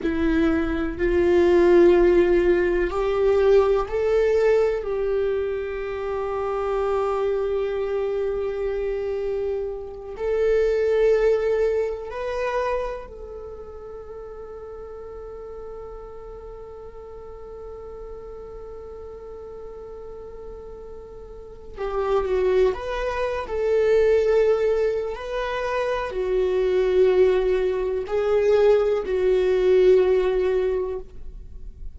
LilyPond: \new Staff \with { instrumentName = "viola" } { \time 4/4 \tempo 4 = 62 e'4 f'2 g'4 | a'4 g'2.~ | g'2~ g'8 a'4.~ | a'8 b'4 a'2~ a'8~ |
a'1~ | a'2~ a'8 g'8 fis'8 b'8~ | b'16 a'4.~ a'16 b'4 fis'4~ | fis'4 gis'4 fis'2 | }